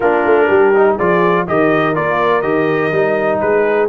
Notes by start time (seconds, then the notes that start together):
0.00 A#3 D4 F4 A#4
0.24 A3
0.47 G3 G4
0.75 D#4
0.94 F3 F4 G#4 D5
1.47 D#3 G4 A#4 D#5
1.94 A#3 F4 D5
2.41 D#3 G4 D#5
2.91 G3 D#4
3.40 G#3 G#4 B4